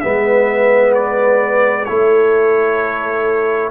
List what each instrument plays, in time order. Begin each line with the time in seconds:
0.00 tuba G#3, trombone B3, horn B4, trumpet E5
0.94 trumpet D5
1.85 tuba A3, trombone E4, horn A4, trumpet C#5